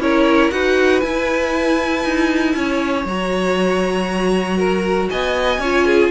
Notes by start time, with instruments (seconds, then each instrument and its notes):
0.00 cello C#4, viola E4, violin A#4 C#5
0.51 cello D#4, viola F#4, violin B4 F#5
1.01 viola E4, cello E4, violin G#5
2.05 cello D#4
2.55 cello C#4, violin C#5
3.06 cello F#3, viola F#4, violin A#5
4.58 violin A#4
5.10 cello B3, violin D#5 G#5
5.58 cello C#4, violin C#5
5.64 viola F4
5.86 violin G#4